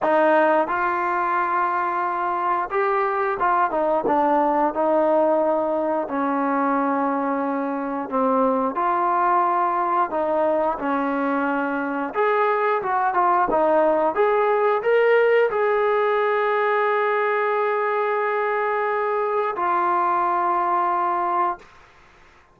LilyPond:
\new Staff \with { instrumentName = "trombone" } { \time 4/4 \tempo 4 = 89 dis'4 f'2. | g'4 f'8 dis'8 d'4 dis'4~ | dis'4 cis'2. | c'4 f'2 dis'4 |
cis'2 gis'4 fis'8 f'8 | dis'4 gis'4 ais'4 gis'4~ | gis'1~ | gis'4 f'2. | }